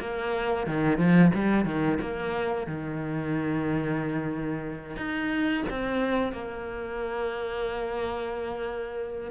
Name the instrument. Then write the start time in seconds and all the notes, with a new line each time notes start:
cello
0.00 A#3
0.67 D#3
0.98 F3
1.34 G3
1.65 D#3
2.01 A#3
2.67 D#3
4.96 D#4
5.70 C4
6.32 A#3